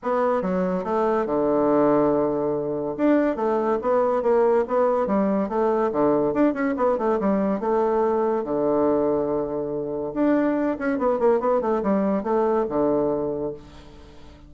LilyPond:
\new Staff \with { instrumentName = "bassoon" } { \time 4/4 \tempo 4 = 142 b4 fis4 a4 d4~ | d2. d'4 | a4 b4 ais4 b4 | g4 a4 d4 d'8 cis'8 |
b8 a8 g4 a2 | d1 | d'4. cis'8 b8 ais8 b8 a8 | g4 a4 d2 | }